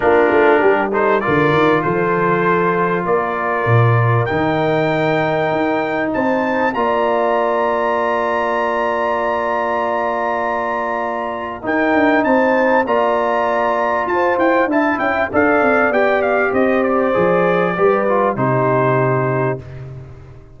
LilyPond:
<<
  \new Staff \with { instrumentName = "trumpet" } { \time 4/4 \tempo 4 = 98 ais'4. c''8 d''4 c''4~ | c''4 d''2 g''4~ | g''2 a''4 ais''4~ | ais''1~ |
ais''2. g''4 | a''4 ais''2 a''8 g''8 | a''8 g''8 f''4 g''8 f''8 dis''8 d''8~ | d''2 c''2 | }
  \new Staff \with { instrumentName = "horn" } { \time 4/4 f'4 g'8 a'8 ais'4 a'4~ | a'4 ais'2.~ | ais'2 c''4 d''4~ | d''1~ |
d''2. ais'4 | c''4 d''2 c''4 | e''4 d''2 c''4~ | c''4 b'4 g'2 | }
  \new Staff \with { instrumentName = "trombone" } { \time 4/4 d'4. dis'8 f'2~ | f'2. dis'4~ | dis'2. f'4~ | f'1~ |
f'2. dis'4~ | dis'4 f'2. | e'4 a'4 g'2 | gis'4 g'8 f'8 dis'2 | }
  \new Staff \with { instrumentName = "tuba" } { \time 4/4 ais8 a8 g4 d8 dis8 f4~ | f4 ais4 ais,4 dis4~ | dis4 dis'4 c'4 ais4~ | ais1~ |
ais2. dis'8 d'8 | c'4 ais2 f'8 e'8 | d'8 cis'8 d'8 c'8 b4 c'4 | f4 g4 c2 | }
>>